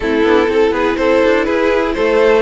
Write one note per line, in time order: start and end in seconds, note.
0.00 0.23 A3
0.00 0.25 C4
0.00 0.50 E4
0.00 0.71 A4
0.23 0.48 B3
0.23 0.47 D4
0.47 0.71 C4
0.47 2.41 E4
0.47 0.72 A4
0.71 0.95 B3
0.71 0.97 G#4
0.71 0.96 B4
0.96 1.22 C4
0.96 1.45 A4
0.96 1.44 C5
1.24 1.47 D4
1.44 1.95 E4
1.44 1.94 G#4
1.44 1.93 B4
1.93 2.41 A3
1.93 2.41 A4
1.93 2.41 C5